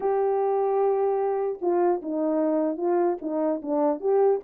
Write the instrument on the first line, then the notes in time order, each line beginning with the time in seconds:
horn
0.00 G4
1.61 F4
2.02 D#4
2.77 F4
3.21 D#4
3.62 D4
4.00 G4